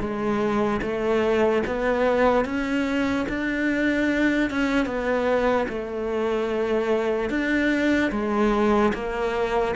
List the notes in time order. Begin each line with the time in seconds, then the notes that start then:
0.00 G#3
0.82 A3
1.67 B3
2.45 C#4
3.29 D4
4.50 C#4
4.86 B3
5.69 A3
7.30 D4
8.12 G#3
8.94 A#3